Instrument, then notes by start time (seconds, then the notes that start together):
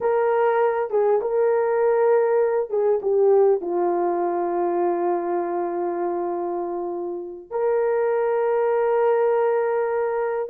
horn
0.01 A#4
0.90 G#4
1.21 A#4
2.69 G#4
3.02 G4
3.61 F4
7.50 A#4